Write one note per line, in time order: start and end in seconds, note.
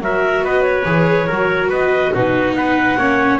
0.00 0.41 F#3
0.00 0.85 F#4
0.00 0.44 A#4
0.00 0.45 E5
0.41 0.84 B3
0.41 1.27 B4
0.41 0.62 D#5
0.62 1.68 C#5
0.85 1.27 E3
0.85 1.28 G#4
1.27 1.70 F#3
1.27 2.14 F#4
1.27 1.69 A#4
1.70 2.12 B3
1.70 2.12 B4
1.70 2.14 D#5
2.13 2.53 B2
2.13 2.98 D#4
2.13 2.55 F#4
2.13 2.54 B4
2.53 2.95 B3
2.53 2.97 B4
2.53 3.39 F#5
2.97 3.39 A#3
2.97 3.40 C#4
2.97 3.40 C#5